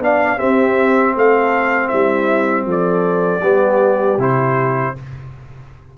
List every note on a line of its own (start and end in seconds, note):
0.00 0.38 B3
0.00 0.37 D4
0.00 0.38 D5
0.00 0.39 F5
0.37 3.41 C4
0.37 1.16 C4
0.37 1.14 G4
0.37 1.15 E5
1.16 1.92 A3
1.16 1.90 A4
1.16 1.89 F5
1.89 2.66 G3
1.89 2.66 E4
1.89 2.65 E5
2.66 3.42 F3
2.66 3.43 A4
2.66 4.22 D5
3.43 4.18 G3
3.43 4.19 B3
3.43 4.94 G4
4.18 4.94 C3
4.18 4.96 E4
4.18 4.98 C5